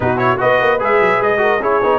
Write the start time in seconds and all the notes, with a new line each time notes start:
0.00 B2 D#4 F#4 B4
0.17 E4 C#5
0.37 B3 F#4 B4 D#5
0.60 A#3
0.79 G#3 G#4 E5
1.00 F#3
1.20 G#3 D#5
1.37 F#4 A#4
1.60 C#4 E4 G#4 C#5
1.82 B3 D#4